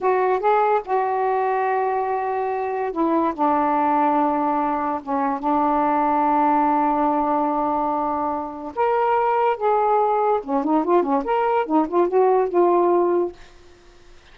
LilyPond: \new Staff \with { instrumentName = "saxophone" } { \time 4/4 \tempo 4 = 144 fis'4 gis'4 fis'2~ | fis'2. e'4 | d'1 | cis'4 d'2.~ |
d'1~ | d'4 ais'2 gis'4~ | gis'4 cis'8 dis'8 f'8 cis'8 ais'4 | dis'8 f'8 fis'4 f'2 | }